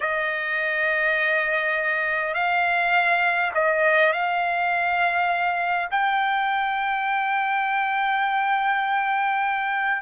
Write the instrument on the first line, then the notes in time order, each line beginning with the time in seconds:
trumpet
0.00 D#5
2.34 F5
3.54 D#5
4.12 F5
5.90 G5